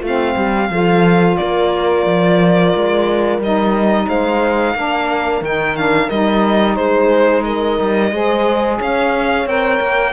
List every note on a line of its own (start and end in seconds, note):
0.00 0.35 A3
0.00 0.71 C4
0.00 0.34 F4
0.07 1.37 F5
0.36 0.70 G3
0.36 0.70 G4
0.70 1.37 F3
0.70 3.41 F4
0.70 1.39 A4
1.37 2.06 A#3
1.37 4.08 A#4
1.37 3.39 D5
2.06 2.74 F3
2.76 3.38 G#3
3.38 4.06 G3
3.38 4.76 D#4
3.38 4.09 D#5
4.08 4.75 G#3
4.08 4.75 C5
4.08 5.44 F5
4.75 5.41 A#3
4.75 5.43 D4
4.75 6.78 A#4
5.41 6.09 D#3
5.41 5.77 D#4
5.41 5.77 G5
5.77 6.10 D4
5.77 6.09 F5
6.09 6.78 G3
6.09 8.12 D#4
6.09 6.76 D#5
6.76 7.79 G#3
6.76 7.45 G#4
6.76 7.43 C5
7.44 8.12 A#4
7.44 8.79 D#5
7.80 8.12 G3
8.12 8.79 G#3
8.12 9.47 G#4
8.12 8.79 C5
8.79 9.46 C#4
8.79 10.13 C#5
8.79 9.48 F5
9.46 9.79 C4
9.46 10.13 A#4
9.46 10.13 G5
9.81 10.13 A#3